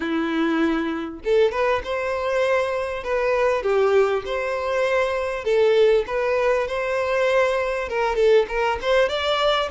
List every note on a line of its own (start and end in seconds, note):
0.00 1.20 E4
1.24 1.51 A4
1.51 1.82 B4
1.83 3.03 C5
3.03 3.62 B4
3.62 4.23 G4
4.25 5.44 C5
5.44 6.04 A4
6.06 6.67 B4
6.67 7.88 C5
7.88 8.15 A#4
8.15 8.45 A4
8.48 8.78 A#4
8.81 9.08 C5
9.08 9.69 D5